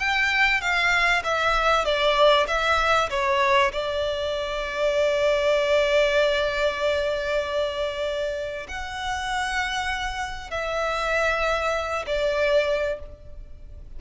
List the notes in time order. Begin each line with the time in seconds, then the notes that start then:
0.00 G5
0.61 F5
1.24 E5
1.85 D5
2.48 E5
3.10 C#5
3.73 D5
8.69 F#5
10.51 E5
12.07 D5